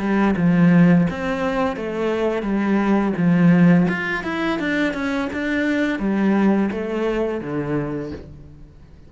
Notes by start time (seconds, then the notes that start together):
0.00 G3
0.37 F3
1.11 C4
1.77 A3
2.43 G3
3.17 F3
3.89 F4
4.24 E4
4.60 D4
4.94 C#4
5.33 D4
6.00 G3
6.72 A3
7.41 D3